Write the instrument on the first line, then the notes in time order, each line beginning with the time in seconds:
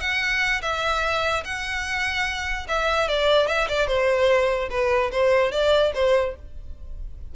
violin
0.00 F#5
0.62 E5
1.45 F#5
2.68 E5
3.08 D5
3.47 E5
3.68 D5
3.87 C5
4.70 B4
5.12 C5
5.52 D5
5.94 C5